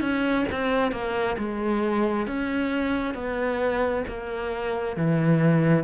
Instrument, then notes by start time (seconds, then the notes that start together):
cello
0.00 C#4
0.51 C4
0.91 A#3
1.38 G#3
2.26 C#4
3.14 B3
4.07 A#3
4.96 E3